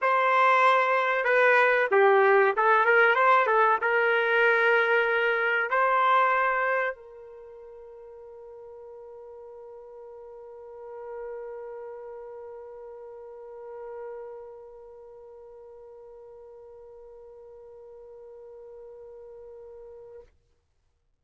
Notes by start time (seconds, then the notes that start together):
0.01 C5
1.24 B4
1.91 G4
2.56 A4
2.85 A#4
3.15 C5
3.47 A4
3.81 A#4
5.70 C5
6.95 A#4